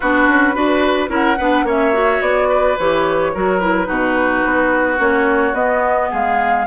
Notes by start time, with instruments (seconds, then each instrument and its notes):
0.00 bassoon B3, clarinet D4, oboe F#4, flute B4
0.28 bassoon C#4
0.54 bassoon D4, clarinet F#4, oboe B4
1.08 bassoon C#4, clarinet E4, oboe A#4, flute F#5
1.37 bassoon B3, clarinet D4, oboe B4
1.63 bassoon A#3, clarinet C#4, oboe C#5, flute E5
1.93 clarinet F#4
2.20 bassoon B3, flute D5
2.48 oboe B4
2.78 bassoon E3, clarinet G4, flute C#5
3.34 bassoon F#3, clarinet F#4, oboe A#4
3.59 clarinet E4, flute B4
3.85 bassoon B2, clarinet D#4, oboe F#4
4.44 bassoon B3
4.98 bassoon A#3, clarinet C#4, flute C#5
5.53 bassoon B3, clarinet B3, flute D#5
6.09 bassoon G#3, oboe G#4, flute F5